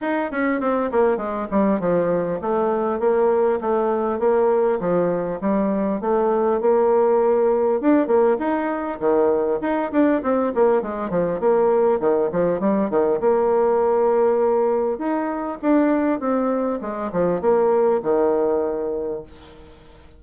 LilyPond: \new Staff \with { instrumentName = "bassoon" } { \time 4/4 \tempo 4 = 100 dis'8 cis'8 c'8 ais8 gis8 g8 f4 | a4 ais4 a4 ais4 | f4 g4 a4 ais4~ | ais4 d'8 ais8 dis'4 dis4 |
dis'8 d'8 c'8 ais8 gis8 f8 ais4 | dis8 f8 g8 dis8 ais2~ | ais4 dis'4 d'4 c'4 | gis8 f8 ais4 dis2 | }